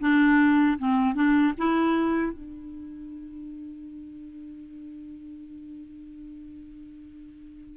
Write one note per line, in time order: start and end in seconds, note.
0.00 0.78 D4
0.79 1.14 C4
1.14 1.53 D4
1.57 2.32 E4
2.32 7.76 D4